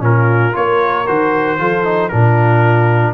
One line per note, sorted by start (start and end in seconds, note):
0.00 0.53 A#2
0.00 0.52 C#4
0.00 0.55 F4
0.00 0.55 A#4
0.52 1.09 A#3
0.52 1.05 F4
0.52 1.59 A#4
0.52 1.07 C#5
1.07 1.59 D#3
1.07 1.58 F#4
1.07 2.09 C5
1.58 2.11 F3
1.58 1.84 F4
1.58 2.12 A4
1.84 2.10 D#4
2.09 3.14 A#2
2.09 3.14 D4
2.09 3.14 F4
2.09 3.13 A#4